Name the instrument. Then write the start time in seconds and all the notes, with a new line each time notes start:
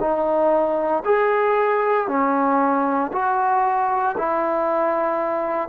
trombone
0.00 D#4
1.05 G#4
2.08 C#4
3.13 F#4
4.18 E4